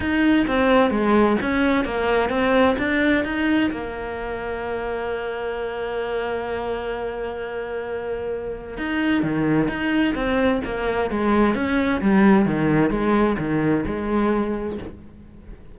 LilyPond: \new Staff \with { instrumentName = "cello" } { \time 4/4 \tempo 4 = 130 dis'4 c'4 gis4 cis'4 | ais4 c'4 d'4 dis'4 | ais1~ | ais1~ |
ais2. dis'4 | dis4 dis'4 c'4 ais4 | gis4 cis'4 g4 dis4 | gis4 dis4 gis2 | }